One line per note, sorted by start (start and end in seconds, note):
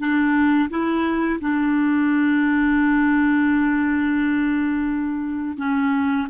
0.00 0.70 D4
0.70 1.40 E4
1.41 5.58 D4
5.58 6.28 C#4